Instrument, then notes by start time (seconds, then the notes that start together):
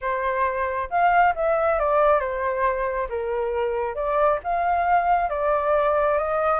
flute
0.01 C5
0.90 F5
1.35 E5
1.79 D5
2.19 C5
3.09 A#4
3.95 D5
4.43 F5
5.29 D5
6.17 D#5